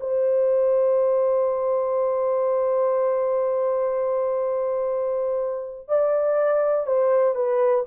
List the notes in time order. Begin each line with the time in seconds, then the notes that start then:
0.00 C5
5.88 D5
6.87 C5
7.35 B4